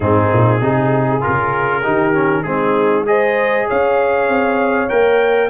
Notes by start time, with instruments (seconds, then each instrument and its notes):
0.00 tuba G#2, trombone C4, horn D#4, trumpet G#4
0.33 tuba A#2
0.59 tuba C3, trombone D#4, horn G#4
1.20 tuba C#3, trombone F4, trumpet A#4
1.82 tuba D#3, trombone D#4, horn G4
2.14 trombone C#4
2.43 tuba G#3, trombone C4, horn D#4, trumpet G#4
3.05 trombone G#4, horn C5, trumpet D#5
3.67 tuba C#4, horn C#5, trumpet F5
4.27 tuba C4
4.89 tuba A#3, trombone A#4, trumpet G5